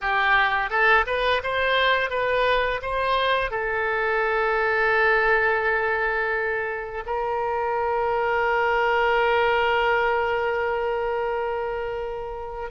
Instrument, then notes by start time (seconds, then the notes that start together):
oboe
0.01 G4
0.69 A4
1.06 B4
1.43 C5
2.10 B4
2.82 C5
3.51 A4
7.06 A#4